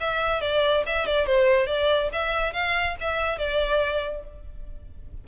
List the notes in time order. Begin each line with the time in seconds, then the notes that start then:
0.00 E5
0.41 D5
0.86 E5
1.06 D5
1.26 C5
1.66 D5
2.12 E5
2.53 F5
3.00 E5
3.38 D5